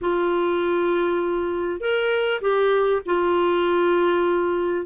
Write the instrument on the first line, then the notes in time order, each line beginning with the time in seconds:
clarinet
0.01 F4
1.80 A#4
2.41 G4
3.05 F4